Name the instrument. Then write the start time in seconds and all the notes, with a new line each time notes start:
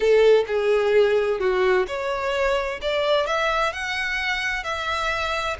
violin
0.00 A4
0.47 G#4
1.40 F#4
1.87 C#5
2.81 D5
3.26 E5
3.73 F#5
4.63 E5